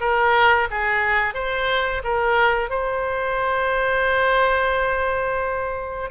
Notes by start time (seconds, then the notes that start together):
0.00 A#4
0.70 G#4
1.34 C5
2.04 A#4
2.69 C5